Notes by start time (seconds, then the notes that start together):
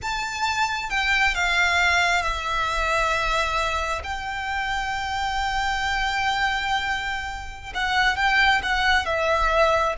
0.01 A5
0.90 G5
1.34 F5
2.22 E5
4.03 G5
7.74 F#5
8.16 G5
8.62 F#5
9.05 E5